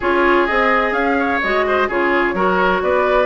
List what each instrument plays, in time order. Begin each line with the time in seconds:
0.00 bassoon C#4, clarinet F4, oboe G#4, flute C#5
0.46 bassoon C4, clarinet G#4, flute D#5
0.91 bassoon C#4, flute F5
1.19 oboe C#5
1.42 bassoon G#3, clarinet F#4, flute D#5
1.67 oboe C5
1.87 bassoon C#3, clarinet F4, oboe G#4, flute C#5
2.33 bassoon F#3, clarinet F#4, oboe A#4
2.82 bassoon B3, oboe B4, flute D5